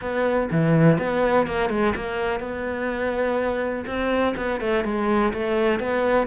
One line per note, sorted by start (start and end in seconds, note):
0.01 0.49 B3
0.51 0.98 E3
0.98 1.46 B3
1.46 1.69 A#3
1.69 1.94 G#3
1.95 2.40 A#3
2.40 3.85 B3
3.86 4.34 C4
4.36 4.60 B3
4.60 4.84 A3
4.84 5.32 G#3
5.33 5.79 A3
5.79 6.26 B3